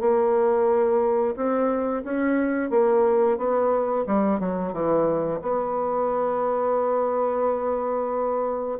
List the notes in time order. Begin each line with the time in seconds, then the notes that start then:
0.00 A#3
1.36 C4
2.04 C#4
2.70 A#3
3.38 B3
4.07 G3
4.40 F#3
4.73 E3
5.42 B3